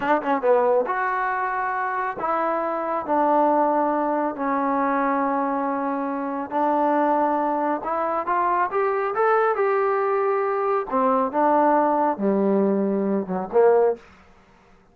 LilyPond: \new Staff \with { instrumentName = "trombone" } { \time 4/4 \tempo 4 = 138 d'8 cis'8 b4 fis'2~ | fis'4 e'2 d'4~ | d'2 cis'2~ | cis'2. d'4~ |
d'2 e'4 f'4 | g'4 a'4 g'2~ | g'4 c'4 d'2 | g2~ g8 fis8 ais4 | }